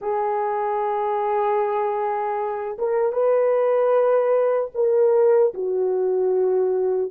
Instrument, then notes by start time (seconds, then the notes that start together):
horn
0.01 G#4
2.78 A#4
3.12 B4
4.74 A#4
5.53 F#4